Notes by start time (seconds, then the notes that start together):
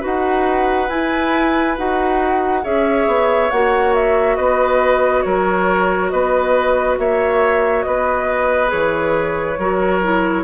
0.00 D#4 F#4 B4 F#5
0.89 E4 G#5
1.77 D#4 F#4 F#5
2.63 C#4 G#4 C#5 E5
3.07 B3
3.50 A#3 F#4 F#5
3.94 E5
4.36 B3 B4 D#5
5.22 F#3 A#4 C#5
6.09 B3 B4 D#5
6.98 A#3 C#5 E5
7.82 B3 B4 D#5
8.68 E3 G#4 C#5
9.58 F#3 F#4 A#4
10.03 E4